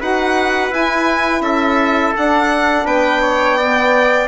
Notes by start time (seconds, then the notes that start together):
0.00 D#4 F#4 B4 F#5
0.70 E4 G#5
1.41 C#4 A4 E5
2.16 D4 F#5
2.85 B3 B4 G5
3.21 C#5
3.57 B3 D5